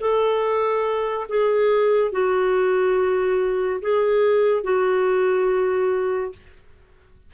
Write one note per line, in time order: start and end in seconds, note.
0.00 1.27 A4
1.29 2.11 G#4
2.11 3.80 F#4
3.81 4.63 G#4
4.63 6.32 F#4